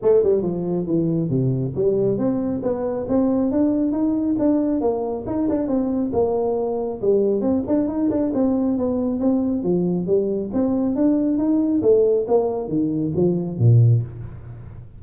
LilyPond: \new Staff \with { instrumentName = "tuba" } { \time 4/4 \tempo 4 = 137 a8 g8 f4 e4 c4 | g4 c'4 b4 c'4 | d'4 dis'4 d'4 ais4 | dis'8 d'8 c'4 ais2 |
g4 c'8 d'8 dis'8 d'8 c'4 | b4 c'4 f4 g4 | c'4 d'4 dis'4 a4 | ais4 dis4 f4 ais,4 | }